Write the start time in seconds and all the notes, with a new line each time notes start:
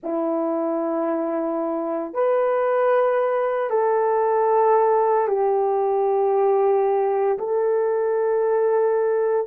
0.03 E4
2.13 B4
3.70 A4
5.27 G4
7.38 A4